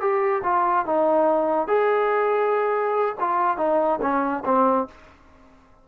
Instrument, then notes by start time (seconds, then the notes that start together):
trombone
0.00 G4
0.43 F4
0.85 D#4
1.67 G#4
3.20 F4
3.57 D#4
4.01 C#4
4.45 C4